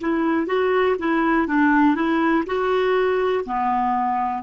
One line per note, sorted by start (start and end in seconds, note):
0.00 0.46 E4
0.46 0.96 F#4
0.98 1.47 E4
1.47 1.95 D4
1.95 2.44 E4
2.46 3.44 F#4
3.45 4.43 B3